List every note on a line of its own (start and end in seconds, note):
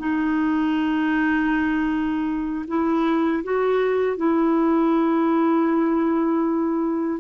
0.00 2.66 D#4
2.68 3.44 E4
3.44 4.17 F#4
4.17 7.21 E4